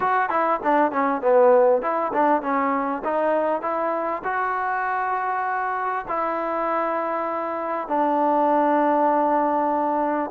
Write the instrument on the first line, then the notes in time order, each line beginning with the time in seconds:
trombone
0.00 F#4
0.29 E4
0.63 D4
0.91 C#4
1.21 B3
1.82 E4
2.13 D4
2.41 C#4
3.04 D#4
3.61 E4
4.23 F#4
6.08 E4
7.88 D4